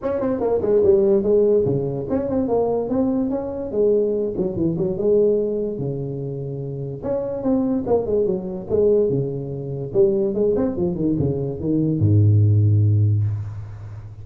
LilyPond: \new Staff \with { instrumentName = "tuba" } { \time 4/4 \tempo 4 = 145 cis'8 c'8 ais8 gis8 g4 gis4 | cis4 cis'8 c'8 ais4 c'4 | cis'4 gis4. fis8 e8 fis8 | gis2 cis2~ |
cis4 cis'4 c'4 ais8 gis8 | fis4 gis4 cis2 | g4 gis8 c'8 f8 dis8 cis4 | dis4 gis,2. | }